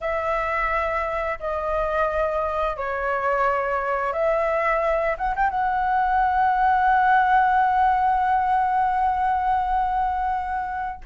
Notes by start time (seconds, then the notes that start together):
0.01 E5
1.39 D#5
2.76 C#5
4.13 E5
5.17 F#5
5.35 G5
5.50 F#5